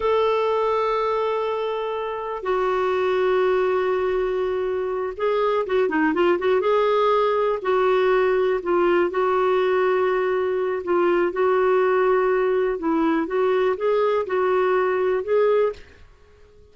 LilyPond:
\new Staff \with { instrumentName = "clarinet" } { \time 4/4 \tempo 4 = 122 a'1~ | a'4 fis'2.~ | fis'2~ fis'8 gis'4 fis'8 | dis'8 f'8 fis'8 gis'2 fis'8~ |
fis'4. f'4 fis'4.~ | fis'2 f'4 fis'4~ | fis'2 e'4 fis'4 | gis'4 fis'2 gis'4 | }